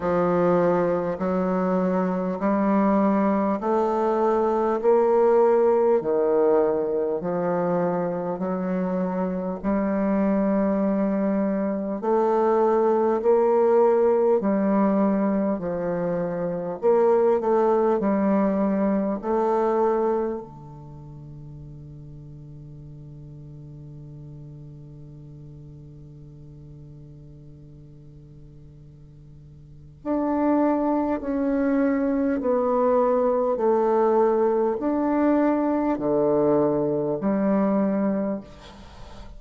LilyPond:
\new Staff \with { instrumentName = "bassoon" } { \time 4/4 \tempo 4 = 50 f4 fis4 g4 a4 | ais4 dis4 f4 fis4 | g2 a4 ais4 | g4 f4 ais8 a8 g4 |
a4 d2.~ | d1~ | d4 d'4 cis'4 b4 | a4 d'4 d4 g4 | }